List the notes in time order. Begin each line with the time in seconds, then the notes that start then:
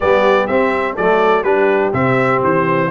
0.00 G3 B3 G4 D5
0.47 C4 E5
0.94 F#3 A3 A4 D5
1.42 G3 D4 G4 B4
1.93 C3 C4 E5
2.43 E3 C5